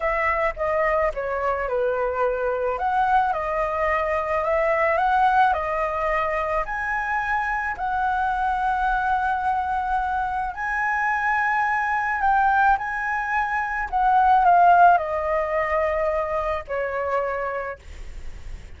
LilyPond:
\new Staff \with { instrumentName = "flute" } { \time 4/4 \tempo 4 = 108 e''4 dis''4 cis''4 b'4~ | b'4 fis''4 dis''2 | e''4 fis''4 dis''2 | gis''2 fis''2~ |
fis''2. gis''4~ | gis''2 g''4 gis''4~ | gis''4 fis''4 f''4 dis''4~ | dis''2 cis''2 | }